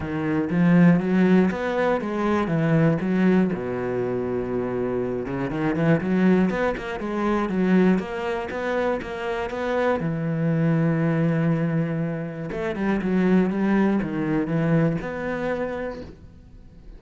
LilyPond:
\new Staff \with { instrumentName = "cello" } { \time 4/4 \tempo 4 = 120 dis4 f4 fis4 b4 | gis4 e4 fis4 b,4~ | b,2~ b,8 cis8 dis8 e8 | fis4 b8 ais8 gis4 fis4 |
ais4 b4 ais4 b4 | e1~ | e4 a8 g8 fis4 g4 | dis4 e4 b2 | }